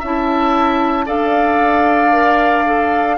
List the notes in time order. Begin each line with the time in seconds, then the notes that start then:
0.00 C#4 E4 E5 A5
1.06 D4 A4 D5 F5
2.12 A#4
2.66 A4